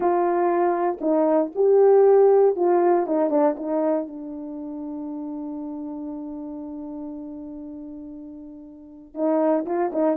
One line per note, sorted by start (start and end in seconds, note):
0.00 0.98 F4
1.01 1.51 D#4
1.55 2.56 G4
2.56 3.06 F4
3.06 3.30 D#4
3.30 3.55 D4
3.57 4.07 D#4
4.07 9.14 D4
9.14 9.65 D#4
9.65 9.91 F4
9.92 10.16 D#4